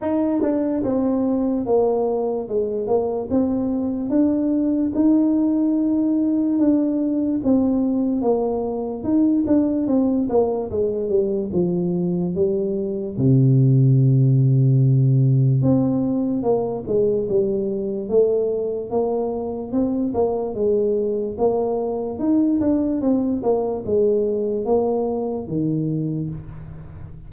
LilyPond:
\new Staff \with { instrumentName = "tuba" } { \time 4/4 \tempo 4 = 73 dis'8 d'8 c'4 ais4 gis8 ais8 | c'4 d'4 dis'2 | d'4 c'4 ais4 dis'8 d'8 | c'8 ais8 gis8 g8 f4 g4 |
c2. c'4 | ais8 gis8 g4 a4 ais4 | c'8 ais8 gis4 ais4 dis'8 d'8 | c'8 ais8 gis4 ais4 dis4 | }